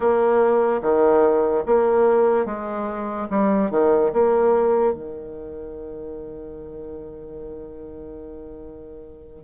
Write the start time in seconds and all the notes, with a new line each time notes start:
0.00 A#3
0.81 D#3
1.66 A#3
2.45 G#3
3.30 G3
3.70 D#3
4.12 A#3
4.93 D#3